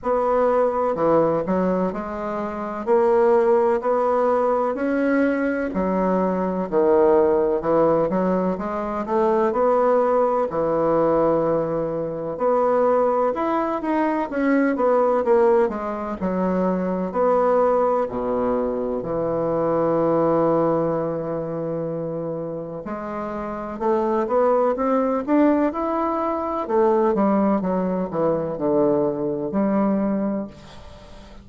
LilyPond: \new Staff \with { instrumentName = "bassoon" } { \time 4/4 \tempo 4 = 63 b4 e8 fis8 gis4 ais4 | b4 cis'4 fis4 dis4 | e8 fis8 gis8 a8 b4 e4~ | e4 b4 e'8 dis'8 cis'8 b8 |
ais8 gis8 fis4 b4 b,4 | e1 | gis4 a8 b8 c'8 d'8 e'4 | a8 g8 fis8 e8 d4 g4 | }